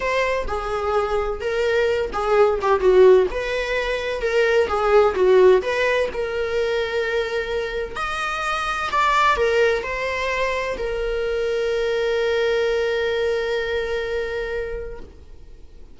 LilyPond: \new Staff \with { instrumentName = "viola" } { \time 4/4 \tempo 4 = 128 c''4 gis'2 ais'4~ | ais'8 gis'4 g'8 fis'4 b'4~ | b'4 ais'4 gis'4 fis'4 | b'4 ais'2.~ |
ais'4 dis''2 d''4 | ais'4 c''2 ais'4~ | ais'1~ | ais'1 | }